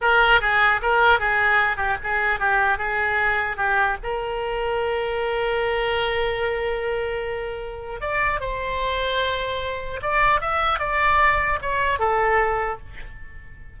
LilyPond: \new Staff \with { instrumentName = "oboe" } { \time 4/4 \tempo 4 = 150 ais'4 gis'4 ais'4 gis'4~ | gis'8 g'8 gis'4 g'4 gis'4~ | gis'4 g'4 ais'2~ | ais'1~ |
ais'1 | d''4 c''2.~ | c''4 d''4 e''4 d''4~ | d''4 cis''4 a'2 | }